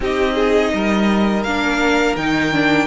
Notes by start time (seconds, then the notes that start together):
0.00 C4 D#4 G4 D#5
0.34 G#4
0.73 G3 A#4
1.43 A#3 D4 F5
2.16 D#3 D#4 G5
2.53 D4